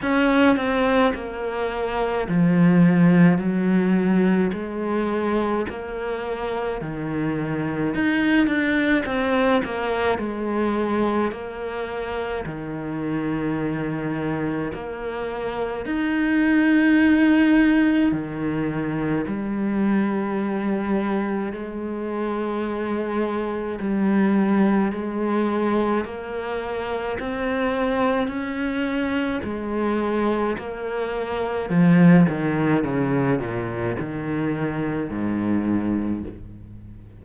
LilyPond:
\new Staff \with { instrumentName = "cello" } { \time 4/4 \tempo 4 = 53 cis'8 c'8 ais4 f4 fis4 | gis4 ais4 dis4 dis'8 d'8 | c'8 ais8 gis4 ais4 dis4~ | dis4 ais4 dis'2 |
dis4 g2 gis4~ | gis4 g4 gis4 ais4 | c'4 cis'4 gis4 ais4 | f8 dis8 cis8 ais,8 dis4 gis,4 | }